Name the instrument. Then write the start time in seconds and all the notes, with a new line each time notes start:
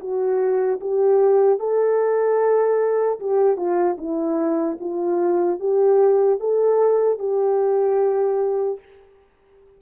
horn
0.00 F#4
0.81 G4
1.60 A4
3.20 G4
3.57 F4
3.98 E4
4.80 F4
5.60 G4
6.40 A4
7.19 G4